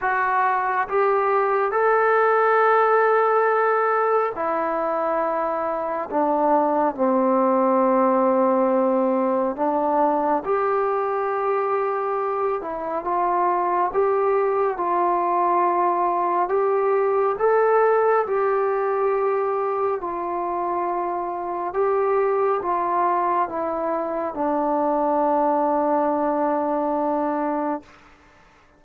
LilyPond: \new Staff \with { instrumentName = "trombone" } { \time 4/4 \tempo 4 = 69 fis'4 g'4 a'2~ | a'4 e'2 d'4 | c'2. d'4 | g'2~ g'8 e'8 f'4 |
g'4 f'2 g'4 | a'4 g'2 f'4~ | f'4 g'4 f'4 e'4 | d'1 | }